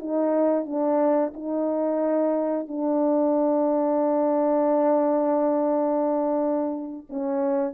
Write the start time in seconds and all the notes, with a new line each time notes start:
0.00 D#4
0.66 D4
1.34 D#4
2.68 D4
7.10 C#4